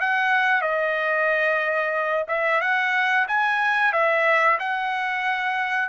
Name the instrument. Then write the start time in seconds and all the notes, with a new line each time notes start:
trumpet
0.00 F#5
0.61 D#5
2.28 E5
2.61 F#5
3.28 G#5
3.92 E5
4.59 F#5